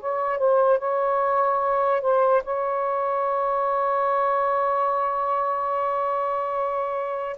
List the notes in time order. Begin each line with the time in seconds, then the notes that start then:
0.00 C#5
0.38 C5
0.79 C#5
2.02 C5
2.44 C#5